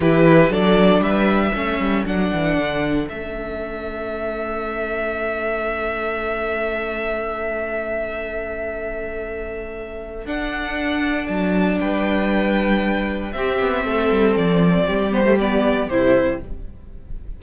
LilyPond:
<<
  \new Staff \with { instrumentName = "violin" } { \time 4/4 \tempo 4 = 117 b'4 d''4 e''2 | fis''2 e''2~ | e''1~ | e''1~ |
e''1 | fis''2 a''4 g''4~ | g''2 e''2 | d''4. c''8 d''4 c''4 | }
  \new Staff \with { instrumentName = "violin" } { \time 4/4 g'4 a'4 b'4 a'4~ | a'1~ | a'1~ | a'1~ |
a'1~ | a'2. b'4~ | b'2 g'4 a'4~ | a'4 g'2. | }
  \new Staff \with { instrumentName = "viola" } { \time 4/4 e'4 d'2 cis'4 | d'2 cis'2~ | cis'1~ | cis'1~ |
cis'1 | d'1~ | d'2 c'2~ | c'4. b16 a16 b4 e'4 | }
  \new Staff \with { instrumentName = "cello" } { \time 4/4 e4 fis4 g4 a8 g8 | fis8 e8 d4 a2~ | a1~ | a1~ |
a1 | d'2 fis4 g4~ | g2 c'8 b8 a8 g8 | f4 g2 c4 | }
>>